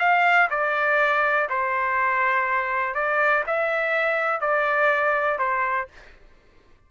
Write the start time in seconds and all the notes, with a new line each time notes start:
0.00 F5
0.51 D5
1.50 C5
2.95 D5
3.47 E5
4.41 D5
5.39 C5